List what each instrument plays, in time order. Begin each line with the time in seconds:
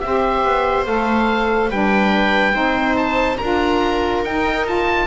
0.00 double bass C4, saxophone G4, viola C5, oboe E5
0.44 double bass B3
0.85 double bass A3, saxophone A4, oboe F5
1.69 double bass G3, saxophone D4, viola B4, oboe G5
2.52 double bass C4, saxophone D#4, viola C5
2.96 oboe A5
3.37 double bass D4, saxophone F4, viola A#4, oboe A#5
4.23 double bass D#4, saxophone D#4, oboe G5
4.65 saxophone F4, oboe A5